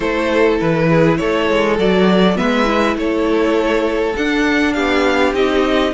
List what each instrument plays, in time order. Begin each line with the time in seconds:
0.00 cello A3, viola E4, violin A4 C5
0.60 cello E3, violin B4
0.88 violin G#4
1.17 cello A3, violin A4 C#5
1.50 cello G#3
1.78 cello F#3, viola F#4, violin D5
2.36 cello G#3, viola B3, violin B4 E5
2.64 viola E4
2.95 cello A3, violin A4 C#5
4.15 cello D4, viola D4, violin F#5
4.73 cello B3, violin G4 F5
5.33 cello C4, viola D#4, violin D#5